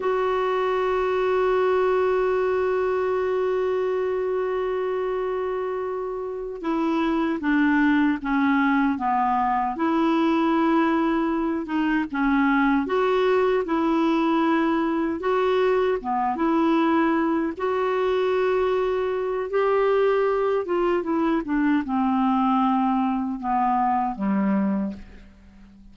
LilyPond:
\new Staff \with { instrumentName = "clarinet" } { \time 4/4 \tempo 4 = 77 fis'1~ | fis'1~ | fis'8 e'4 d'4 cis'4 b8~ | b8 e'2~ e'8 dis'8 cis'8~ |
cis'8 fis'4 e'2 fis'8~ | fis'8 b8 e'4. fis'4.~ | fis'4 g'4. f'8 e'8 d'8 | c'2 b4 g4 | }